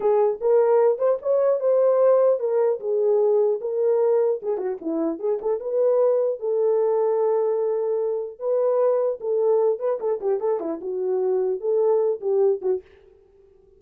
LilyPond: \new Staff \with { instrumentName = "horn" } { \time 4/4 \tempo 4 = 150 gis'4 ais'4. c''8 cis''4 | c''2 ais'4 gis'4~ | gis'4 ais'2 gis'8 fis'8 | e'4 gis'8 a'8 b'2 |
a'1~ | a'4 b'2 a'4~ | a'8 b'8 a'8 g'8 a'8 e'8 fis'4~ | fis'4 a'4. g'4 fis'8 | }